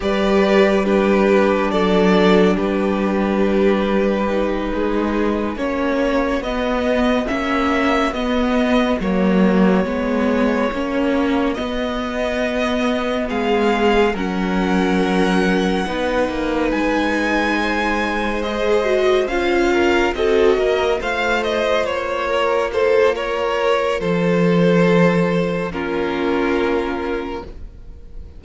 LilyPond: <<
  \new Staff \with { instrumentName = "violin" } { \time 4/4 \tempo 4 = 70 d''4 b'4 d''4 b'4~ | b'2~ b'8 cis''4 dis''8~ | dis''8 e''4 dis''4 cis''4.~ | cis''4. dis''2 f''8~ |
f''8 fis''2. gis''8~ | gis''4. dis''4 f''4 dis''8~ | dis''8 f''8 dis''8 cis''4 c''8 cis''4 | c''2 ais'2 | }
  \new Staff \with { instrumentName = "violin" } { \time 4/4 b'4 g'4 a'4 g'4~ | g'4. gis'4 fis'4.~ | fis'1~ | fis'2.~ fis'8 gis'8~ |
gis'8 ais'2 b'4.~ | b'8 c''2~ c''8 ais'8 a'8 | ais'8 c''4. ais'8 a'8 ais'4 | a'2 f'2 | }
  \new Staff \with { instrumentName = "viola" } { \time 4/4 g'4 d'2.~ | d'4 dis'4. cis'4 b8~ | b8 cis'4 b4 ais4 b8~ | b8 cis'4 b2~ b8~ |
b8 cis'2 dis'4.~ | dis'4. gis'8 fis'8 f'4 fis'8~ | fis'8 f'2.~ f'8~ | f'2 cis'2 | }
  \new Staff \with { instrumentName = "cello" } { \time 4/4 g2 fis4 g4~ | g4. gis4 ais4 b8~ | b8 ais4 b4 fis4 gis8~ | gis8 ais4 b2 gis8~ |
gis8 fis2 b8 ais8 gis8~ | gis2~ gis8 cis'4 c'8 | ais8 a4 ais2~ ais8 | f2 ais2 | }
>>